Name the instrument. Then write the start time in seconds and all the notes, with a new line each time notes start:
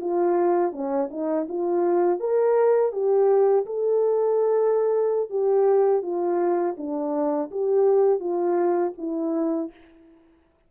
horn
0.00 F4
0.72 C#4
1.10 D#4
1.48 F4
2.20 A#4
2.92 G4
3.66 A4
5.29 G4
6.02 F4
6.77 D4
7.51 G4
8.19 F4
8.98 E4